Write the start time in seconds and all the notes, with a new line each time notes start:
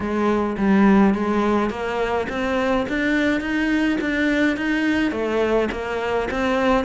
0.00 G#3
0.57 G3
1.14 G#3
1.70 A#3
2.29 C4
2.88 D4
3.40 D#4
4.00 D4
4.57 D#4
5.11 A3
5.71 A#3
6.31 C4